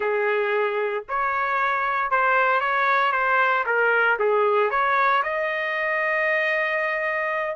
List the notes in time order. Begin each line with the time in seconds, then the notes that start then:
0.00 G#4
1.08 C#5
2.10 C5
2.60 C#5
3.12 C5
3.65 A#4
4.19 G#4
4.70 C#5
5.23 D#5